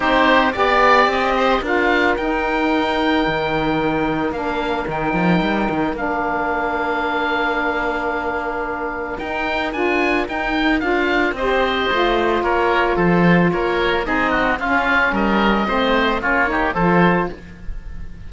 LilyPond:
<<
  \new Staff \with { instrumentName = "oboe" } { \time 4/4 \tempo 4 = 111 c''4 d''4 dis''4 f''4 | g''1 | f''4 g''2 f''4~ | f''1~ |
f''4 g''4 gis''4 g''4 | f''4 dis''2 cis''4 | c''4 cis''4 dis''4 f''4 | dis''2 cis''4 c''4 | }
  \new Staff \with { instrumentName = "oboe" } { \time 4/4 g'4 d''4. c''8 ais'4~ | ais'1~ | ais'1~ | ais'1~ |
ais'1~ | ais'4 c''2 ais'4 | a'4 ais'4 gis'8 fis'8 f'4 | ais'4 c''4 f'8 g'8 a'4 | }
  \new Staff \with { instrumentName = "saxophone" } { \time 4/4 dis'4 g'2 f'4 | dis'1 | d'4 dis'2 d'4~ | d'1~ |
d'4 dis'4 f'4 dis'4 | f'4 g'4 f'2~ | f'2 dis'4 cis'4~ | cis'4 c'4 cis'8 dis'8 f'4 | }
  \new Staff \with { instrumentName = "cello" } { \time 4/4 c'4 b4 c'4 d'4 | dis'2 dis2 | ais4 dis8 f8 g8 dis8 ais4~ | ais1~ |
ais4 dis'4 d'4 dis'4 | d'4 c'4 a4 ais4 | f4 ais4 c'4 cis'4 | g4 a4 ais4 f4 | }
>>